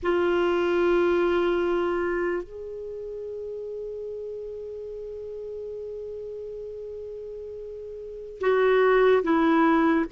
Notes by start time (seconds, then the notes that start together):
0.02 F4
2.43 G#4
8.40 F#4
9.22 E4